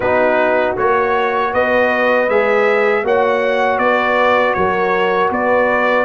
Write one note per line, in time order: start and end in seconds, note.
0.00 0.76 B3
0.00 0.76 D#4
0.00 1.51 F#4
0.00 0.75 B4
0.76 1.53 A#3
0.76 2.28 F#4
0.76 1.53 C#5
1.52 2.28 B3
1.52 3.04 B4
1.52 2.29 D#5
2.28 3.03 G#3
2.28 3.04 G#4
2.28 3.05 E5
3.03 3.78 A#3
3.03 6.05 F#4
3.03 3.81 C#5
3.03 3.78 F#5
3.78 4.54 B3
3.78 4.57 B4
3.78 4.53 D5
4.53 5.30 F#3
4.53 5.31 A#4
4.53 5.29 C#5
5.30 6.05 B3
5.30 6.05 B4
5.30 6.05 D5